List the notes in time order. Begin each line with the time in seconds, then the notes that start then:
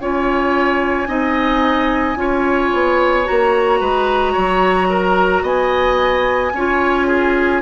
0.00 C#4 F4 C#5 G#5
1.07 C4 D#4 D#5
2.16 C#4 F4 C#5
2.73 B3
3.24 A#3 F#4 A#5
3.80 G#3 B4
4.32 F#3 C#5
4.89 A#4
5.42 B3 D#5 G#5
6.53 C#4 F4 C#5
7.07 G#4